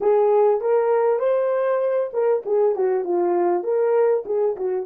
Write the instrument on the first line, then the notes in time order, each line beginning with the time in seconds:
horn
0.01 G#4
0.60 A#4
1.19 C5
2.13 A#4
2.45 G#4
2.75 F#4
3.04 F4
3.63 A#4
4.25 G#4
4.56 F#4